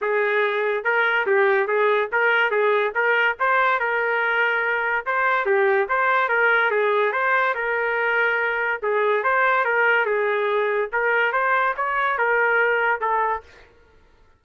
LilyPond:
\new Staff \with { instrumentName = "trumpet" } { \time 4/4 \tempo 4 = 143 gis'2 ais'4 g'4 | gis'4 ais'4 gis'4 ais'4 | c''4 ais'2. | c''4 g'4 c''4 ais'4 |
gis'4 c''4 ais'2~ | ais'4 gis'4 c''4 ais'4 | gis'2 ais'4 c''4 | cis''4 ais'2 a'4 | }